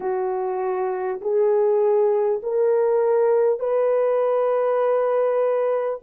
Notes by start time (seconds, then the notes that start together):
0.00 F#4
1.21 G#4
2.43 A#4
3.59 B4